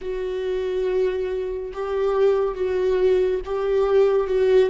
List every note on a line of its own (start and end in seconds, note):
0.01 1.72 F#4
1.73 2.54 G4
2.54 3.40 F#4
3.45 4.27 G4
4.27 4.69 F#4